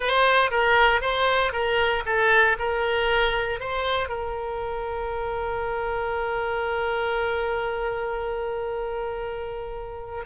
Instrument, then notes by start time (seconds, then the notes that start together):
oboe
0.00 C5
0.50 A#4
1.01 C5
1.52 A#4
2.05 A4
2.58 A#4
3.60 C5
4.09 A#4